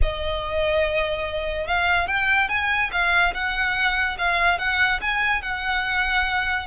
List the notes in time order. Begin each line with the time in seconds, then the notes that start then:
0.02 D#5
1.67 F5
2.07 G5
2.48 G#5
2.91 F5
3.34 F#5
4.18 F5
4.58 F#5
5.01 G#5
5.42 F#5